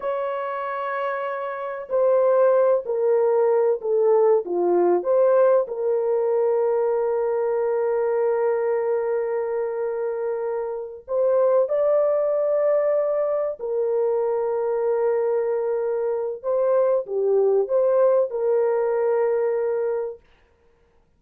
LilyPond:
\new Staff \with { instrumentName = "horn" } { \time 4/4 \tempo 4 = 95 cis''2. c''4~ | c''8 ais'4. a'4 f'4 | c''4 ais'2.~ | ais'1~ |
ais'4. c''4 d''4.~ | d''4. ais'2~ ais'8~ | ais'2 c''4 g'4 | c''4 ais'2. | }